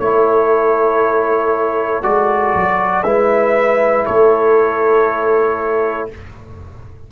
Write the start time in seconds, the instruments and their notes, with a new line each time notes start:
0.00 tuba A3, trombone E4, horn A4, trumpet C#5
2.03 tuba G#3, trombone F#4, trumpet D5
2.56 tuba F#3
3.03 tuba G#3, trombone E4, horn B4, trumpet E5
4.06 tuba A3, horn A4, trumpet C#5